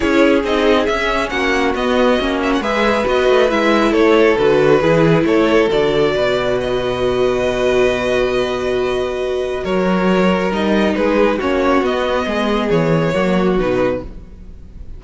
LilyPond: <<
  \new Staff \with { instrumentName = "violin" } { \time 4/4 \tempo 4 = 137 cis''4 dis''4 e''4 fis''4 | dis''4. e''16 fis''16 e''4 dis''4 | e''4 cis''4 b'2 | cis''4 d''2 dis''4~ |
dis''1~ | dis''2 cis''2 | dis''4 b'4 cis''4 dis''4~ | dis''4 cis''2 b'4 | }
  \new Staff \with { instrumentName = "violin" } { \time 4/4 gis'2. fis'4~ | fis'2 b'2~ | b'4 a'2 gis'4 | a'2 b'2~ |
b'1~ | b'2 ais'2~ | ais'4 gis'4 fis'2 | gis'2 fis'2 | }
  \new Staff \with { instrumentName = "viola" } { \time 4/4 e'4 dis'4 cis'2 | b4 cis'4 gis'4 fis'4 | e'2 fis'4 e'4~ | e'4 fis'2.~ |
fis'1~ | fis'1 | dis'2 cis'4 b4~ | b2 ais4 dis'4 | }
  \new Staff \with { instrumentName = "cello" } { \time 4/4 cis'4 c'4 cis'4 ais4 | b4 ais4 gis4 b8 a8 | gis4 a4 d4 e4 | a4 d4 b,2~ |
b,1~ | b,2 fis2 | g4 gis4 ais4 b4 | gis4 e4 fis4 b,4 | }
>>